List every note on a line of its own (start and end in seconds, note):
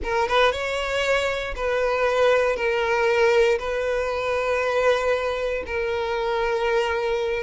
0.03 0.28 A#4
0.28 0.52 B4
0.52 1.54 C#5
1.55 2.55 B4
2.55 3.58 A#4
3.58 5.63 B4
5.66 7.43 A#4